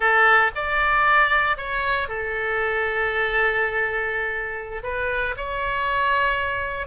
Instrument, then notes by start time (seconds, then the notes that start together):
oboe
0.00 A4
0.55 D5
1.57 C#5
2.08 A4
4.83 B4
5.36 C#5